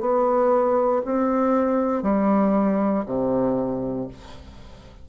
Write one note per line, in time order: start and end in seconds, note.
0.00 1.02 B3
1.05 2.03 C4
2.03 3.05 G3
3.06 4.08 C3